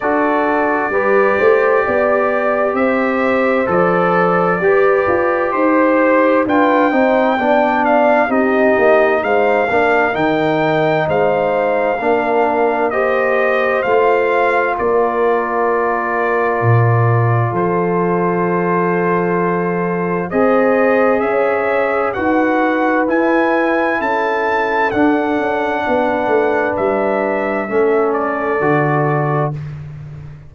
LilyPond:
<<
  \new Staff \with { instrumentName = "trumpet" } { \time 4/4 \tempo 4 = 65 d''2. e''4 | d''2 c''4 g''4~ | g''8 f''8 dis''4 f''4 g''4 | f''2 dis''4 f''4 |
d''2. c''4~ | c''2 dis''4 e''4 | fis''4 gis''4 a''4 fis''4~ | fis''4 e''4. d''4. | }
  \new Staff \with { instrumentName = "horn" } { \time 4/4 a'4 b'8 c''8 d''4 c''4~ | c''4 b'4 c''4 b'8 c''8 | d''4 g'4 c''8 ais'4. | c''4 ais'4 c''2 |
ais'2. a'4~ | a'2 c''4 cis''4 | b'2 a'2 | b'2 a'2 | }
  \new Staff \with { instrumentName = "trombone" } { \time 4/4 fis'4 g'2. | a'4 g'2 f'8 dis'8 | d'4 dis'4. d'8 dis'4~ | dis'4 d'4 g'4 f'4~ |
f'1~ | f'2 gis'2 | fis'4 e'2 d'4~ | d'2 cis'4 fis'4 | }
  \new Staff \with { instrumentName = "tuba" } { \time 4/4 d'4 g8 a8 b4 c'4 | f4 g'8 f'8 dis'4 d'8 c'8 | b4 c'8 ais8 gis8 ais8 dis4 | gis4 ais2 a4 |
ais2 ais,4 f4~ | f2 c'4 cis'4 | dis'4 e'4 cis'4 d'8 cis'8 | b8 a8 g4 a4 d4 | }
>>